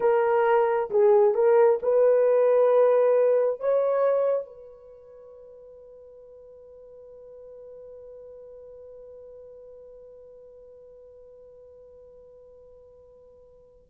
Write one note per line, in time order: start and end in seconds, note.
0.00 0.90 A#4
0.90 1.34 G#4
1.34 1.79 A#4
1.82 3.59 B4
3.59 4.46 C#5
4.46 13.86 B4